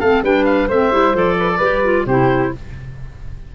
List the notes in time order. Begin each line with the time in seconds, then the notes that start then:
0.00 A3 C4 A4 F5
0.23 G3 D4 B4 G5
0.45 F5
0.67 A3 C4 C5 E5
0.91 G3 E4
1.14 F3 A4 D5
1.39 B4
1.50 A4
1.58 G3 G4 B4
1.84 F4
2.06 C3 E4 G4 C5